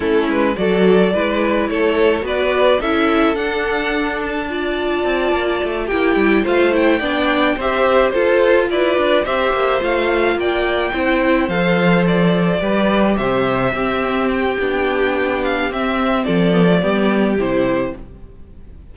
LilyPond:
<<
  \new Staff \with { instrumentName = "violin" } { \time 4/4 \tempo 4 = 107 a'8 b'8 d''2 cis''4 | d''4 e''4 fis''4. a''8~ | a''2~ a''8 g''4 f''8 | g''4. e''4 c''4 d''8~ |
d''8 e''4 f''4 g''4.~ | g''8 f''4 d''2 e''8~ | e''4. g''2 f''8 | e''4 d''2 c''4 | }
  \new Staff \with { instrumentName = "violin" } { \time 4/4 e'4 a'4 b'4 a'4 | b'4 a'2. | d''2~ d''8 g'4 c''8~ | c''8 d''4 c''4 a'4 b'8~ |
b'8 c''2 d''4 c''8~ | c''2~ c''8 b'4 c''8~ | c''8 g'2.~ g'8~ | g'4 a'4 g'2 | }
  \new Staff \with { instrumentName = "viola" } { \time 4/4 cis'4 fis'4 e'2 | fis'4 e'4 d'2 | f'2~ f'8 e'4 f'8 | e'8 d'4 g'4 f'4.~ |
f'8 g'4 f'2 e'8~ | e'8 a'2 g'4.~ | g'8 c'4. d'2 | c'4. b16 a16 b4 e'4 | }
  \new Staff \with { instrumentName = "cello" } { \time 4/4 a8 gis8 fis4 gis4 a4 | b4 cis'4 d'2~ | d'4 c'8 ais8 a8 ais8 g8 a8~ | a8 b4 c'4 f'4 e'8 |
d'8 c'8 ais8 a4 ais4 c'8~ | c'8 f2 g4 c8~ | c8 c'4. b2 | c'4 f4 g4 c4 | }
>>